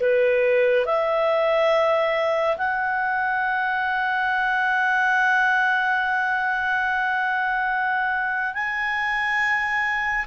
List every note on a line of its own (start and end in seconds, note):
0.00 0.85 B4
0.85 2.57 E5
2.57 8.54 F#5
8.54 10.25 G#5